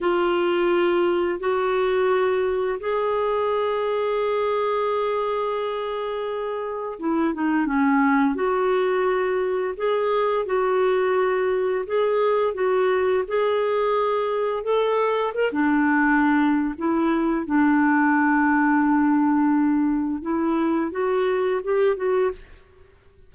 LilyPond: \new Staff \with { instrumentName = "clarinet" } { \time 4/4 \tempo 4 = 86 f'2 fis'2 | gis'1~ | gis'2 e'8 dis'8 cis'4 | fis'2 gis'4 fis'4~ |
fis'4 gis'4 fis'4 gis'4~ | gis'4 a'4 ais'16 d'4.~ d'16 | e'4 d'2.~ | d'4 e'4 fis'4 g'8 fis'8 | }